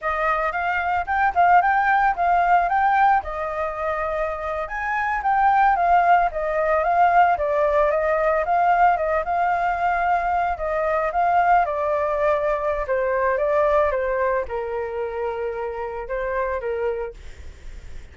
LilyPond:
\new Staff \with { instrumentName = "flute" } { \time 4/4 \tempo 4 = 112 dis''4 f''4 g''8 f''8 g''4 | f''4 g''4 dis''2~ | dis''8. gis''4 g''4 f''4 dis''16~ | dis''8. f''4 d''4 dis''4 f''16~ |
f''8. dis''8 f''2~ f''8 dis''16~ | dis''8. f''4 d''2~ d''16 | c''4 d''4 c''4 ais'4~ | ais'2 c''4 ais'4 | }